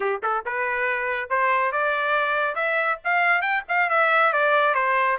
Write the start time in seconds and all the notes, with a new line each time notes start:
0.00 G4
0.23 A4
0.45 B4
1.29 C5
1.71 D5
2.55 E5
3.04 F5
3.41 G5
3.68 F5
3.89 E5
4.32 D5
4.74 C5